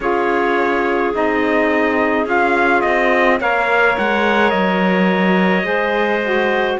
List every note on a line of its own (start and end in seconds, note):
0.00 1.13 C#4
0.00 1.13 F4
0.00 3.40 G#4
0.00 1.13 C#5
1.13 2.25 C4
1.13 2.25 D#4
1.13 2.28 D#5
2.25 2.82 C#4
2.25 3.38 F4
2.25 2.81 F5
2.81 3.40 C4
2.81 3.38 D#5
3.40 3.96 A#3
3.40 5.62 A#4
3.40 5.66 C#5
3.40 3.96 F5
3.98 4.52 G#3
3.98 4.50 F#5
4.50 5.63 F#3
4.50 6.76 D#5
5.62 6.76 G#3
5.62 6.19 G#4
5.62 6.79 C5
6.24 6.79 F#4